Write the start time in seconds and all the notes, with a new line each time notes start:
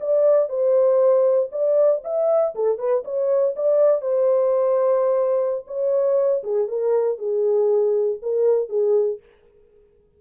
0.00 D5
0.49 C5
1.51 D5
2.04 E5
2.55 A4
2.78 B4
3.04 C#5
3.56 D5
4.01 C5
5.67 C#5
6.43 G#4
6.68 A#4
7.18 G#4
8.22 A#4
8.69 G#4